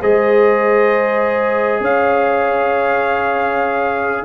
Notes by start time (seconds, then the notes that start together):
0.00 G#3 G#4 C5 D#5
1.80 C#4 C#5 F5